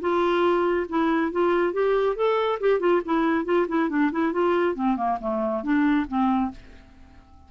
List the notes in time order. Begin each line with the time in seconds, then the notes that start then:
0.00 F4
0.88 E4
1.31 F4
1.72 G4
2.15 A4
2.60 G4
2.79 F4
3.05 E4
3.45 F4
3.68 E4
3.89 D4
4.11 E4
4.32 F4
4.74 C4
4.96 A#3
5.20 A3
5.63 D4
6.07 C4